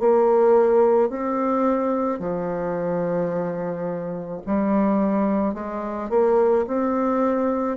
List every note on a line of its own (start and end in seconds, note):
0.00 1.10 A#3
1.10 2.20 C4
2.20 4.42 F3
4.47 5.55 G3
5.55 6.10 G#3
6.10 6.66 A#3
6.68 7.78 C4